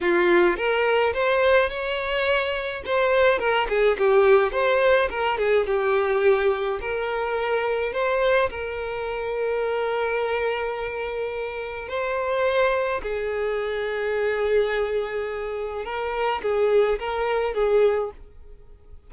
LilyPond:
\new Staff \with { instrumentName = "violin" } { \time 4/4 \tempo 4 = 106 f'4 ais'4 c''4 cis''4~ | cis''4 c''4 ais'8 gis'8 g'4 | c''4 ais'8 gis'8 g'2 | ais'2 c''4 ais'4~ |
ais'1~ | ais'4 c''2 gis'4~ | gis'1 | ais'4 gis'4 ais'4 gis'4 | }